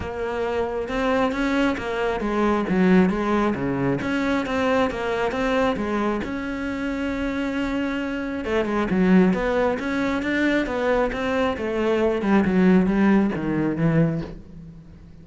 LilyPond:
\new Staff \with { instrumentName = "cello" } { \time 4/4 \tempo 4 = 135 ais2 c'4 cis'4 | ais4 gis4 fis4 gis4 | cis4 cis'4 c'4 ais4 | c'4 gis4 cis'2~ |
cis'2. a8 gis8 | fis4 b4 cis'4 d'4 | b4 c'4 a4. g8 | fis4 g4 dis4 e4 | }